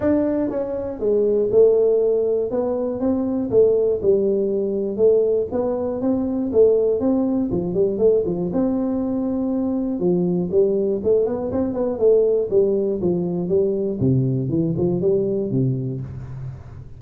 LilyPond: \new Staff \with { instrumentName = "tuba" } { \time 4/4 \tempo 4 = 120 d'4 cis'4 gis4 a4~ | a4 b4 c'4 a4 | g2 a4 b4 | c'4 a4 c'4 f8 g8 |
a8 f8 c'2. | f4 g4 a8 b8 c'8 b8 | a4 g4 f4 g4 | c4 e8 f8 g4 c4 | }